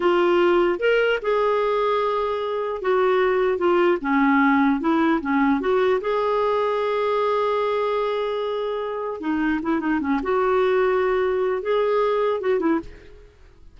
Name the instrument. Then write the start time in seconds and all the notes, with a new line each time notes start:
clarinet
0.00 F4
0.79 A#4
1.21 G#4
2.81 F#4
3.58 F4
4.01 C#4
4.80 E4
5.21 C#4
5.60 F#4
6.00 G#4
9.20 D#4
9.62 E4
9.79 D#4
10.00 C#4
10.22 F#4
11.61 G#4
12.41 F#4
12.59 E4